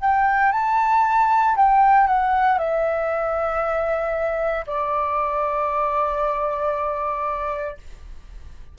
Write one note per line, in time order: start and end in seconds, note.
0.00 0.52 G5
0.52 1.55 A5
1.56 2.07 G5
2.07 2.58 F#5
2.58 4.65 E5
4.66 7.77 D5